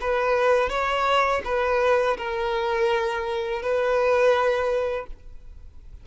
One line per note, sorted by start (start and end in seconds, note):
0.00 0.69 B4
0.69 1.42 C#5
1.44 2.17 B4
2.17 3.62 A#4
3.62 5.06 B4